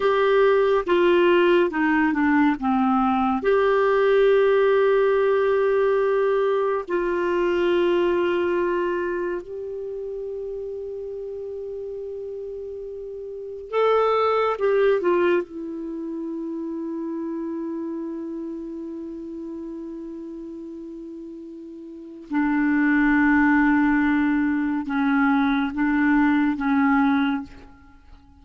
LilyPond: \new Staff \with { instrumentName = "clarinet" } { \time 4/4 \tempo 4 = 70 g'4 f'4 dis'8 d'8 c'4 | g'1 | f'2. g'4~ | g'1 |
a'4 g'8 f'8 e'2~ | e'1~ | e'2 d'2~ | d'4 cis'4 d'4 cis'4 | }